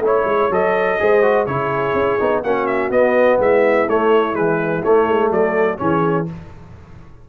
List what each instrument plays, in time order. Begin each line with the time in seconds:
0.00 tuba A3, trombone E4, horn C#5
0.07 trumpet C#5
0.25 tuba G#3
0.51 tuba F#3, trombone A4, trumpet D#5
1.00 tuba G#3, trombone G#4, horn C5
1.23 trombone F#4
1.47 tuba C#3, trombone E4, horn G#4, trumpet C#5
1.94 tuba C#4
2.20 tuba B3, trombone D#4
2.44 tuba A#3, trombone C#4, horn F#4, trumpet F#5
2.67 trumpet E5
2.91 tuba B3, trombone B3, trumpet D#5
3.39 tuba G#3, horn E4, trumpet E5
3.89 tuba A3, trombone A3, trumpet C#5
4.34 trombone E3, tuba G#3, trumpet B4
4.83 trombone A3, tuba A3, trumpet C#5
5.08 tuba G#3
5.31 tuba F#3, horn A4, trumpet D5
5.78 tuba E3, trombone C#4, horn G#4, trumpet C#5